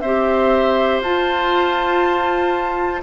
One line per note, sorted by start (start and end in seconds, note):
0.00 1.01 C4
0.00 1.04 G4
0.00 3.01 C5
0.00 1.00 E5
1.01 3.01 F4
1.01 3.02 F4
1.01 3.02 A5